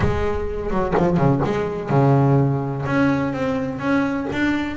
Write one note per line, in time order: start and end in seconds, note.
0.00 0.70 G#3
0.70 0.94 F#3
0.97 1.17 F3
1.17 1.40 C#3
1.44 1.89 G#3
1.89 2.84 C#3
2.86 3.33 C#4
3.33 3.79 C4
3.79 4.27 C#4
4.32 4.77 D4